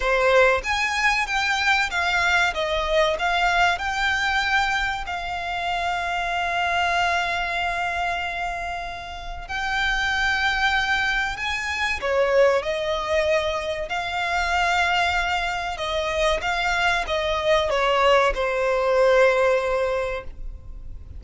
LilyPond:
\new Staff \with { instrumentName = "violin" } { \time 4/4 \tempo 4 = 95 c''4 gis''4 g''4 f''4 | dis''4 f''4 g''2 | f''1~ | f''2. g''4~ |
g''2 gis''4 cis''4 | dis''2 f''2~ | f''4 dis''4 f''4 dis''4 | cis''4 c''2. | }